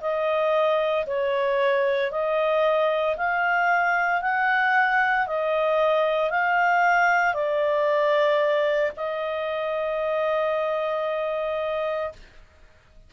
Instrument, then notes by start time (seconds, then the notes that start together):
clarinet
0.00 D#5
1.06 C#5
2.11 D#5
3.16 F5
4.21 F#5
5.26 D#5
6.30 F5
7.33 D5
8.96 D#5